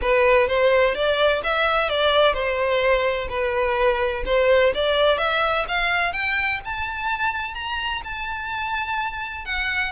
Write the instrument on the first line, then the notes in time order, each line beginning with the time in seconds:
violin
0.01 B4
0.47 C5
0.94 D5
1.43 E5
1.89 D5
2.33 C5
3.29 B4
4.25 C5
4.74 D5
5.18 E5
5.67 F5
6.12 G5
6.64 A5
7.54 A#5
8.04 A5
9.45 F#5